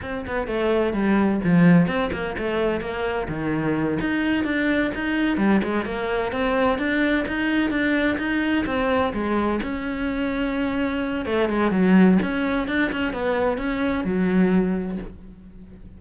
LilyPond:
\new Staff \with { instrumentName = "cello" } { \time 4/4 \tempo 4 = 128 c'8 b8 a4 g4 f4 | c'8 ais8 a4 ais4 dis4~ | dis8 dis'4 d'4 dis'4 g8 | gis8 ais4 c'4 d'4 dis'8~ |
dis'8 d'4 dis'4 c'4 gis8~ | gis8 cis'2.~ cis'8 | a8 gis8 fis4 cis'4 d'8 cis'8 | b4 cis'4 fis2 | }